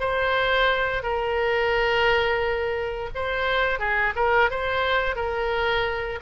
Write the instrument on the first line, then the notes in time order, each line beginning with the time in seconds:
oboe
0.00 C5
1.03 A#4
3.15 C5
3.79 G#4
4.16 A#4
4.50 C5
5.16 A#4